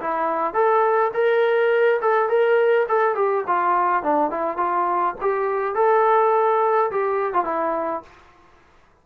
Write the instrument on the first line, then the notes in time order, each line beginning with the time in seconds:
trombone
0.00 E4
0.54 A4
1.14 A#4
2.02 A4
2.29 A#4
2.88 A4
3.15 G4
3.47 F4
4.03 D4
4.31 E4
4.57 F4
5.21 G4
5.75 A4
6.91 G4
7.33 F4
7.45 E4